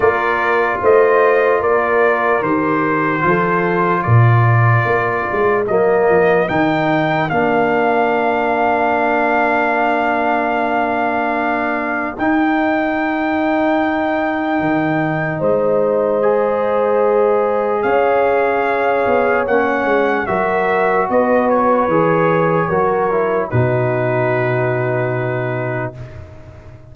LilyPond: <<
  \new Staff \with { instrumentName = "trumpet" } { \time 4/4 \tempo 4 = 74 d''4 dis''4 d''4 c''4~ | c''4 d''2 dis''4 | g''4 f''2.~ | f''2. g''4~ |
g''2. dis''4~ | dis''2 f''2 | fis''4 e''4 dis''8 cis''4.~ | cis''4 b'2. | }
  \new Staff \with { instrumentName = "horn" } { \time 4/4 ais'4 c''4 ais'2 | a'4 ais'2.~ | ais'1~ | ais'1~ |
ais'2. c''4~ | c''2 cis''2~ | cis''4 ais'4 b'2 | ais'4 fis'2. | }
  \new Staff \with { instrumentName = "trombone" } { \time 4/4 f'2. g'4 | f'2. ais4 | dis'4 d'2.~ | d'2. dis'4~ |
dis'1 | gis'1 | cis'4 fis'2 gis'4 | fis'8 e'8 dis'2. | }
  \new Staff \with { instrumentName = "tuba" } { \time 4/4 ais4 a4 ais4 dis4 | f4 ais,4 ais8 gis8 fis8 f8 | dis4 ais2.~ | ais2. dis'4~ |
dis'2 dis4 gis4~ | gis2 cis'4. b8 | ais8 gis8 fis4 b4 e4 | fis4 b,2. | }
>>